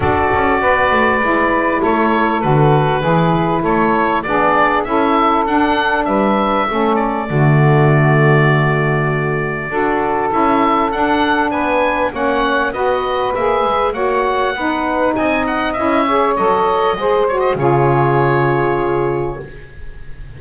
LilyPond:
<<
  \new Staff \with { instrumentName = "oboe" } { \time 4/4 \tempo 4 = 99 d''2. cis''4 | b'2 cis''4 d''4 | e''4 fis''4 e''4. d''8~ | d''1~ |
d''4 e''4 fis''4 gis''4 | fis''4 dis''4 e''4 fis''4~ | fis''4 gis''8 fis''8 e''4 dis''4~ | dis''8 cis''16 dis''16 cis''2. | }
  \new Staff \with { instrumentName = "saxophone" } { \time 4/4 a'4 b'2 a'4~ | a'4 gis'4 a'4 gis'4 | a'2 b'4 a'4 | fis'1 |
a'2. b'4 | cis''4 b'2 cis''4 | b'4 dis''4. cis''4. | c''4 gis'2. | }
  \new Staff \with { instrumentName = "saxophone" } { \time 4/4 fis'2 e'2 | fis'4 e'2 d'4 | e'4 d'2 cis'4 | a1 |
fis'4 e'4 d'2 | cis'4 fis'4 gis'4 fis'4 | dis'2 e'8 gis'8 a'4 | gis'8 fis'8 f'2. | }
  \new Staff \with { instrumentName = "double bass" } { \time 4/4 d'8 cis'8 b8 a8 gis4 a4 | d4 e4 a4 b4 | cis'4 d'4 g4 a4 | d1 |
d'4 cis'4 d'4 b4 | ais4 b4 ais8 gis8 ais4 | b4 c'4 cis'4 fis4 | gis4 cis2. | }
>>